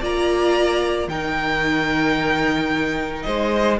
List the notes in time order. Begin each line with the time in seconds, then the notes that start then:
0.00 A#3 F4 D5 A#5
1.07 D#3 D#4 A#4 G5
3.22 G#3 C5 D#5